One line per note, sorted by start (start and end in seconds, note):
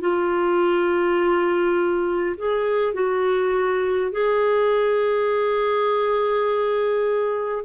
0.00 2.35 F4
2.37 2.94 G#4
2.94 4.11 F#4
4.11 7.64 G#4